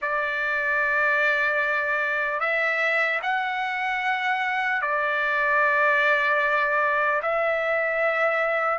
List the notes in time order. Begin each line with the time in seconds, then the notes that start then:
0.01 D5
2.40 E5
3.22 F#5
4.81 D5
7.22 E5